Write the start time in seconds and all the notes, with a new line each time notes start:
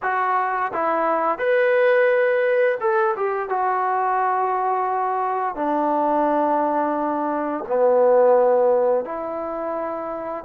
0.02 F#4
0.73 E4
1.38 B4
2.80 A4
3.16 G4
3.49 F#4
5.55 D4
7.67 B3
9.04 E4